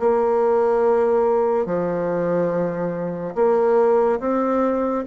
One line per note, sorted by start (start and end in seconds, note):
0.00 1.66 A#3
1.66 3.35 F3
3.35 4.20 A#3
4.20 5.05 C4